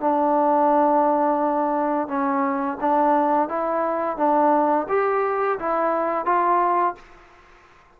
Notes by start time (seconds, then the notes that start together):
0.00 D4
2.08 C#4
2.80 D4
3.49 E4
4.17 D4
4.88 G4
5.59 E4
6.25 F4